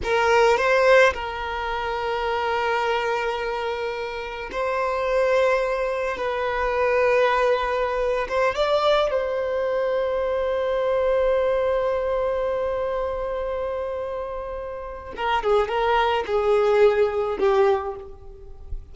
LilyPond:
\new Staff \with { instrumentName = "violin" } { \time 4/4 \tempo 4 = 107 ais'4 c''4 ais'2~ | ais'1 | c''2. b'4~ | b'2~ b'8. c''8 d''8.~ |
d''16 c''2.~ c''8.~ | c''1~ | c''2. ais'8 gis'8 | ais'4 gis'2 g'4 | }